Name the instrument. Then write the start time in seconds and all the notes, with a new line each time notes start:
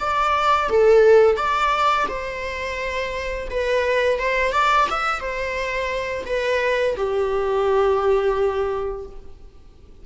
viola
0.00 D5
0.70 A4
1.37 D5
2.09 C5
3.51 B4
4.19 C5
4.53 D5
4.91 E5
5.20 C5
6.26 B4
6.97 G4